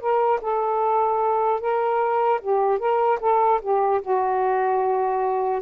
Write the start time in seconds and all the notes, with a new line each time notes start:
0.00 A#4
0.41 A4
1.60 A#4
2.41 G4
2.79 A#4
3.20 A4
3.61 G4
4.01 F#4